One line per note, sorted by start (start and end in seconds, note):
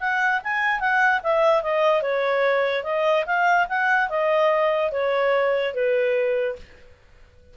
0.00 0.41 F#5
0.44 0.80 G#5
0.80 1.21 F#5
1.23 1.63 E5
1.63 2.02 D#5
2.02 2.84 C#5
2.84 3.25 D#5
3.26 3.67 F5
3.69 4.09 F#5
4.09 4.91 D#5
4.92 5.74 C#5
5.74 6.56 B4